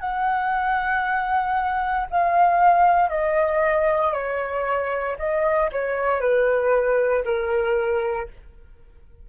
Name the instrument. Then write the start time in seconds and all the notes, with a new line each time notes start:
flute
0.00 F#5
2.11 F5
3.10 D#5
4.13 C#5
5.19 D#5
5.72 C#5
6.21 B4
7.25 A#4